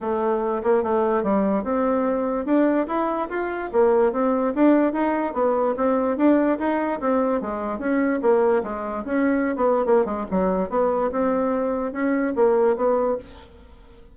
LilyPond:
\new Staff \with { instrumentName = "bassoon" } { \time 4/4 \tempo 4 = 146 a4. ais8 a4 g4 | c'2 d'4 e'4 | f'4 ais4 c'4 d'4 | dis'4 b4 c'4 d'4 |
dis'4 c'4 gis4 cis'4 | ais4 gis4 cis'4~ cis'16 b8. | ais8 gis8 fis4 b4 c'4~ | c'4 cis'4 ais4 b4 | }